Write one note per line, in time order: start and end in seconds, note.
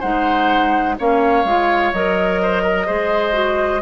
0.00 0.98 G#3
0.00 0.97 D#4
0.00 0.95 C5
0.00 0.96 F#5
0.99 1.44 A#3
0.99 1.46 C#4
0.99 2.42 C#5
0.99 1.94 F5
1.44 1.92 G#3
1.44 1.94 F4
1.93 2.88 F#3
1.93 2.87 A#4
1.93 3.82 D#5
2.42 2.63 C5
2.63 2.86 A#4
2.86 3.82 G#3
2.86 3.32 G#4
2.86 3.81 C5
3.32 3.80 F#4